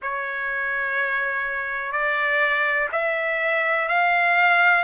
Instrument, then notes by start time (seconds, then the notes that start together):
trumpet
0.01 C#5
1.91 D5
2.92 E5
3.88 F5